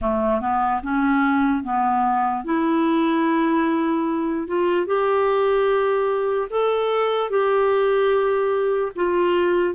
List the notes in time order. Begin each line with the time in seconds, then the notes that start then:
0.01 A3
0.40 B3
0.83 C#4
1.63 B3
2.44 E4
4.47 F4
4.86 G4
6.50 A4
7.30 G4
8.95 F4